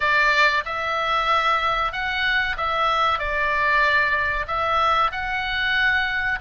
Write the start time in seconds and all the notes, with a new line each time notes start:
0.00 D5
0.65 E5
1.92 F#5
2.57 E5
3.19 D5
4.47 E5
5.11 F#5